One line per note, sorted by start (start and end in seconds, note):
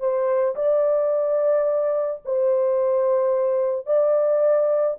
0.00 0.56 C5
0.56 2.22 D5
2.26 3.87 C5
3.87 4.98 D5